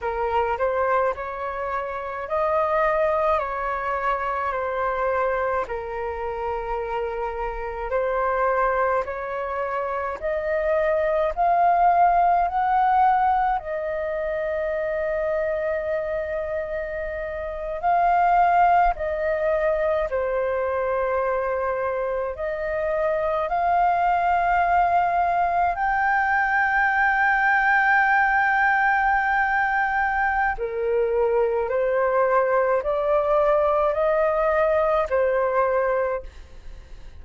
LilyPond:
\new Staff \with { instrumentName = "flute" } { \time 4/4 \tempo 4 = 53 ais'8 c''8 cis''4 dis''4 cis''4 | c''4 ais'2 c''4 | cis''4 dis''4 f''4 fis''4 | dis''2.~ dis''8. f''16~ |
f''8. dis''4 c''2 dis''16~ | dis''8. f''2 g''4~ g''16~ | g''2. ais'4 | c''4 d''4 dis''4 c''4 | }